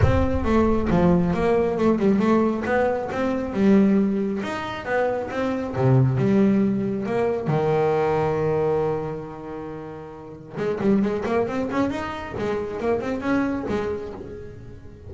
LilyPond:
\new Staff \with { instrumentName = "double bass" } { \time 4/4 \tempo 4 = 136 c'4 a4 f4 ais4 | a8 g8 a4 b4 c'4 | g2 dis'4 b4 | c'4 c4 g2 |
ais4 dis2.~ | dis1 | gis8 g8 gis8 ais8 c'8 cis'8 dis'4 | gis4 ais8 c'8 cis'4 gis4 | }